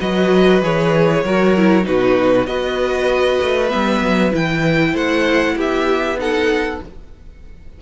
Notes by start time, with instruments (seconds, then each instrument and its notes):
0.00 cello F#3, viola F#4, violin B4 D#5
0.62 cello E3, viola G#4, violin C#5
1.24 cello F#3, viola F#4, violin A#4
1.57 viola E4
1.83 cello B2, viola D#4, violin F#4 B4
2.46 cello B3, viola F#4, violin B4 D#5
3.42 cello A3
3.69 cello G3, viola B3, violin E5
4.01 cello F#3
4.31 cello E3, viola E4, violin G5
4.93 cello A3, violin C5 F#5
5.55 cello B3, violin G4 E5
6.18 viola D#4, violin A4 F#5